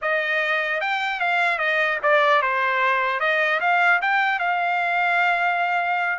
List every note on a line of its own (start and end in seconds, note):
0.01 0.81 D#5
0.81 1.20 G5
1.20 1.58 F5
1.58 1.98 D#5
2.03 2.42 D5
2.42 3.20 C5
3.20 3.60 D#5
3.60 4.00 F5
4.01 4.39 G5
4.39 6.19 F5